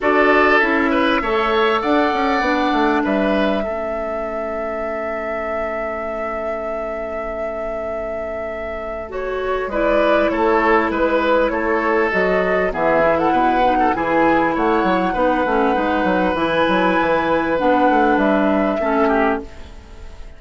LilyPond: <<
  \new Staff \with { instrumentName = "flute" } { \time 4/4 \tempo 4 = 99 d''4 e''2 fis''4~ | fis''4 e''2.~ | e''1~ | e''2. cis''4 |
d''4 cis''4 b'4 cis''4 | dis''4 e''8. fis''4~ fis''16 gis''4 | fis''2. gis''4~ | gis''4 fis''4 e''2 | }
  \new Staff \with { instrumentName = "oboe" } { \time 4/4 a'4. b'8 cis''4 d''4~ | d''4 b'4 a'2~ | a'1~ | a'1 |
b'4 a'4 b'4 a'4~ | a'4 gis'8. a'16 b'8. a'16 gis'4 | cis''4 b'2.~ | b'2. a'8 g'8 | }
  \new Staff \with { instrumentName = "clarinet" } { \time 4/4 fis'4 e'4 a'2 | d'2 cis'2~ | cis'1~ | cis'2. fis'4 |
e'1 | fis'4 b8 e'4 dis'8 e'4~ | e'4 dis'8 cis'8 dis'4 e'4~ | e'4 d'2 cis'4 | }
  \new Staff \with { instrumentName = "bassoon" } { \time 4/4 d'4 cis'4 a4 d'8 cis'8 | b8 a8 g4 a2~ | a1~ | a1 |
gis4 a4 gis4 a4 | fis4 e4 b,4 e4 | a8 fis8 b8 a8 gis8 fis8 e8 fis8 | e4 b8 a8 g4 a4 | }
>>